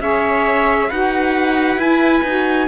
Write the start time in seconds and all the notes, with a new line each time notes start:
0.00 C#4 G#4 C#5 E5
0.89 D#4 F#4 B4 F#5
1.77 E4 G#5
2.24 D#4 F#4